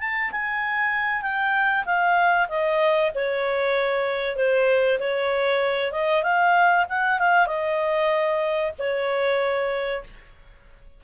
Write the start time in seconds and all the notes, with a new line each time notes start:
0.00 A5
0.32 G#5
1.22 G5
1.86 F5
2.49 D#5
3.15 C#5
4.37 C5
5.00 C#5
5.92 D#5
6.23 F5
6.89 F#5
7.19 F5
7.47 D#5
8.79 C#5